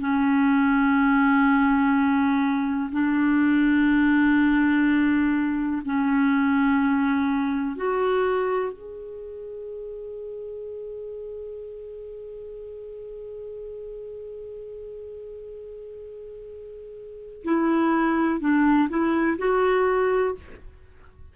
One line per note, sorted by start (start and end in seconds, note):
0.00 2.90 C#4
2.93 5.83 D4
5.85 7.76 C#4
7.76 8.73 F#4
8.73 17.44 G#4
17.44 18.40 E4
18.40 18.89 D4
18.89 19.38 E4
19.39 20.35 F#4